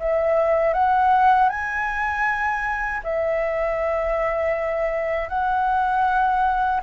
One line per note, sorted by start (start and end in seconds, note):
0.00 0.74 E5
0.74 1.49 F#5
1.49 3.01 G#5
3.04 5.29 E5
5.29 6.81 F#5